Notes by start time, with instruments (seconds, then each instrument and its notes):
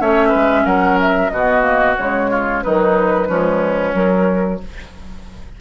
0.00 bassoon A3, clarinet C#4, oboe C#5, flute E5
0.28 oboe B4
0.35 bassoon G#3
0.65 bassoon F#3, oboe A#4, flute F#5
1.01 flute E5
1.30 bassoon B2, clarinet B3, oboe F#4, flute D#5
1.61 clarinet A#3
1.97 bassoon C#3, clarinet G#3, flute C#5
2.31 oboe F4
2.63 bassoon D#3, clarinet F#3, oboe D#4, flute B4
3.28 bassoon F3, clarinet G#3, oboe C#4
3.93 clarinet F#3, bassoon F#3, flute A#4